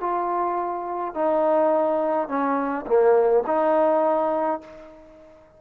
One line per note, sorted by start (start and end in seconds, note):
0.00 1.14 F4
1.15 2.28 D#4
2.28 2.85 C#4
2.86 3.43 A#3
3.46 4.61 D#4